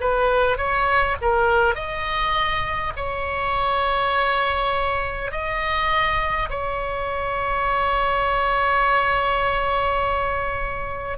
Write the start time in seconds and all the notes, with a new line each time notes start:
0.00 B4
0.57 C#5
1.21 A#4
1.75 D#5
2.96 C#5
5.31 D#5
6.50 C#5